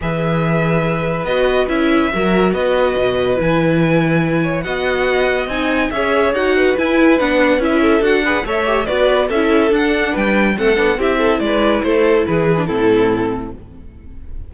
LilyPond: <<
  \new Staff \with { instrumentName = "violin" } { \time 4/4 \tempo 4 = 142 e''2. dis''4 | e''2 dis''2 | gis''2. fis''4~ | fis''4 gis''4 e''4 fis''4 |
gis''4 fis''4 e''4 fis''4 | e''4 d''4 e''4 fis''4 | g''4 fis''4 e''4 d''4 | c''4 b'4 a'2 | }
  \new Staff \with { instrumentName = "violin" } { \time 4/4 b'1~ | b'4 ais'4 b'2~ | b'2~ b'8 cis''8 dis''4~ | dis''2 cis''4. b'8~ |
b'2~ b'8 a'4 b'8 | cis''4 b'4 a'2 | b'4 a'4 g'8 a'8 b'4 | a'4 gis'4 e'2 | }
  \new Staff \with { instrumentName = "viola" } { \time 4/4 gis'2. fis'4 | e'4 fis'2. | e'2. fis'4~ | fis'4 dis'4 gis'4 fis'4 |
e'4 d'4 e'4 fis'8 gis'8 | a'8 g'8 fis'4 e'4 d'4~ | d'4 c'8 d'8 e'2~ | e'4.~ e'16 d'16 c'2 | }
  \new Staff \with { instrumentName = "cello" } { \time 4/4 e2. b4 | cis'4 fis4 b4 b,4 | e2. b4~ | b4 c'4 cis'4 dis'4 |
e'4 b4 cis'4 d'4 | a4 b4 cis'4 d'4 | g4 a8 b8 c'4 gis4 | a4 e4 a,2 | }
>>